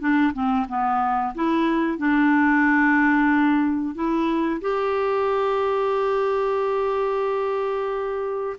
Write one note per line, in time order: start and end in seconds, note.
0.00 0.33 D4
0.34 0.67 C4
0.68 1.34 B3
1.35 1.98 E4
1.98 3.95 D4
3.95 4.61 E4
4.61 8.57 G4